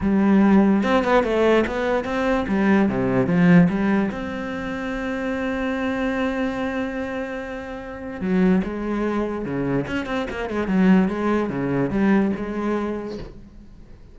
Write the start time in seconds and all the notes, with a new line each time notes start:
0.01 G3
0.83 C4
1.04 B3
1.23 A3
1.66 B3
2.04 C4
2.48 G3
2.88 C3
3.27 F3
3.69 G3
4.11 C4
8.21 F#3
8.64 G#3
9.45 C#3
9.87 C#4
10.06 C4
10.30 A#3
10.49 G#3
10.67 F#3
11.08 G#3
11.49 C#3
11.90 G3
12.36 G#3